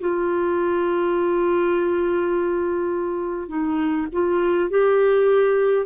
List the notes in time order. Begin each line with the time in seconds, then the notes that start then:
0.00 F4
3.48 D#4
4.12 F4
4.70 G4